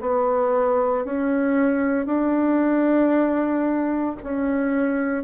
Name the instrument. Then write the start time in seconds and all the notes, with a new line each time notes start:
bassoon
0.00 B3
1.04 C#4
2.06 D4
4.23 C#4